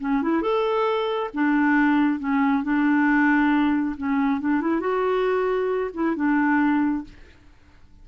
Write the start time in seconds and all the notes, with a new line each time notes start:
0.00 C#4
0.22 E4
0.42 A4
1.34 D4
2.19 C#4
2.63 D4
3.97 C#4
4.41 D4
4.61 E4
4.80 F#4
5.94 E4
6.16 D4